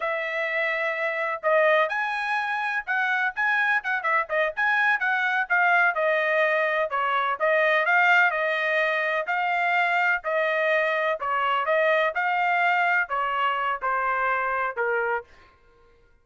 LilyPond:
\new Staff \with { instrumentName = "trumpet" } { \time 4/4 \tempo 4 = 126 e''2. dis''4 | gis''2 fis''4 gis''4 | fis''8 e''8 dis''8 gis''4 fis''4 f''8~ | f''8 dis''2 cis''4 dis''8~ |
dis''8 f''4 dis''2 f''8~ | f''4. dis''2 cis''8~ | cis''8 dis''4 f''2 cis''8~ | cis''4 c''2 ais'4 | }